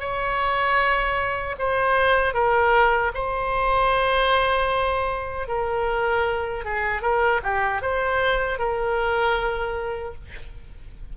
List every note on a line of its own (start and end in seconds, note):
0.00 1.56 C#5
1.59 2.34 C5
2.34 3.12 A#4
3.14 5.48 C5
5.48 6.65 A#4
6.65 7.02 G#4
7.02 7.41 A#4
7.43 7.82 G4
7.82 8.59 C5
8.59 10.14 A#4